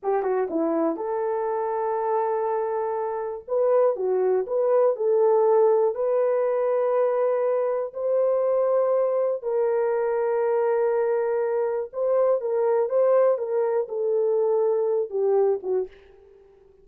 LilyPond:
\new Staff \with { instrumentName = "horn" } { \time 4/4 \tempo 4 = 121 g'8 fis'8 e'4 a'2~ | a'2. b'4 | fis'4 b'4 a'2 | b'1 |
c''2. ais'4~ | ais'1 | c''4 ais'4 c''4 ais'4 | a'2~ a'8 g'4 fis'8 | }